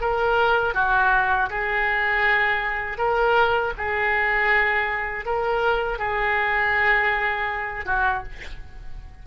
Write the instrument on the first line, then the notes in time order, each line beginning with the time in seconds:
oboe
0.00 A#4
0.74 F#4
1.49 G#4
2.98 A#4
3.77 G#4
5.25 A#4
5.98 G#4
7.85 F#4